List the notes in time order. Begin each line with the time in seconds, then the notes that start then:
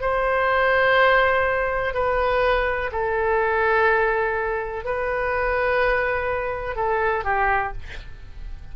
0.00 C5
1.93 B4
2.92 A4
4.84 B4
6.76 A4
7.24 G4